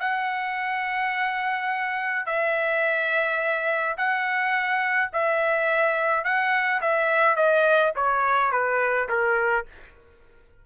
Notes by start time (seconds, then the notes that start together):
0.00 F#5
2.26 E5
3.98 F#5
5.13 E5
6.24 F#5
6.81 E5
7.36 D#5
7.96 C#5
8.52 B4
9.09 A#4